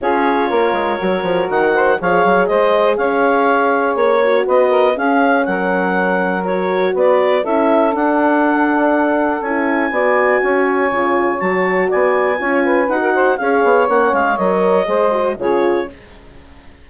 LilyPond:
<<
  \new Staff \with { instrumentName = "clarinet" } { \time 4/4 \tempo 4 = 121 cis''2. fis''4 | f''4 dis''4 f''2 | cis''4 dis''4 f''4 fis''4~ | fis''4 cis''4 d''4 e''4 |
fis''2. gis''4~ | gis''2. a''4 | gis''2 fis''4 f''4 | fis''8 f''8 dis''2 cis''4 | }
  \new Staff \with { instrumentName = "saxophone" } { \time 4/4 gis'4 ais'2~ ais'8 c''8 | cis''4 c''4 cis''2~ | cis''4 b'8 ais'8 gis'4 ais'4~ | ais'2 b'4 a'4~ |
a'1 | d''4 cis''2. | d''4 cis''8 b'8. ais'16 c''8 cis''4~ | cis''2 c''4 gis'4 | }
  \new Staff \with { instrumentName = "horn" } { \time 4/4 f'2 fis'2 | gis'1~ | gis'8 fis'4. cis'2~ | cis'4 fis'2 e'4 |
d'2. e'4 | fis'2 f'4 fis'4~ | fis'4 f'4 fis'4 gis'4 | cis'4 ais'4 gis'8 fis'8 f'4 | }
  \new Staff \with { instrumentName = "bassoon" } { \time 4/4 cis'4 ais8 gis8 fis8 f8 dis4 | f8 fis8 gis4 cis'2 | ais4 b4 cis'4 fis4~ | fis2 b4 cis'4 |
d'2. cis'4 | b4 cis'4 cis4 fis4 | b4 cis'4 dis'4 cis'8 b8 | ais8 gis8 fis4 gis4 cis4 | }
>>